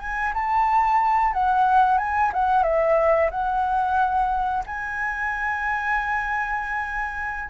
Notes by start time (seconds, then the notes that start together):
0.00 G#5
0.34 A5
1.34 F#5
1.98 G#5
2.33 F#5
2.64 E5
3.31 F#5
4.67 G#5